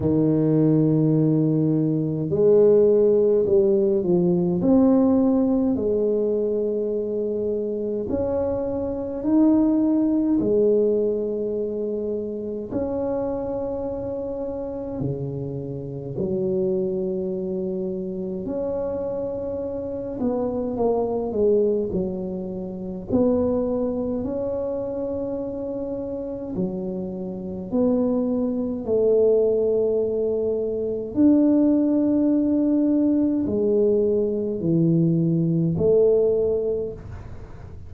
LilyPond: \new Staff \with { instrumentName = "tuba" } { \time 4/4 \tempo 4 = 52 dis2 gis4 g8 f8 | c'4 gis2 cis'4 | dis'4 gis2 cis'4~ | cis'4 cis4 fis2 |
cis'4. b8 ais8 gis8 fis4 | b4 cis'2 fis4 | b4 a2 d'4~ | d'4 gis4 e4 a4 | }